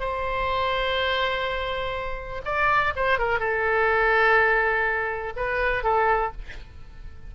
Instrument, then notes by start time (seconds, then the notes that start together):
oboe
0.00 C5
2.45 D5
2.96 C5
3.19 A#4
3.40 A4
5.36 B4
5.84 A4